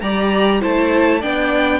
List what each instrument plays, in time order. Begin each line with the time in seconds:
0.00 cello G3, viola G4, violin D5 A#5
0.60 cello A3, viola E4, violin C5 A5
1.20 cello B3, viola D4, violin D5 G5